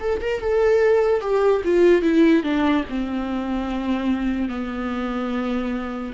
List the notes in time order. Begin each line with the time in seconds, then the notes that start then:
0.00 A4
0.21 A#4
0.41 A4
1.21 G4
1.64 F4
2.02 E4
2.44 D4
2.90 C4
4.49 B3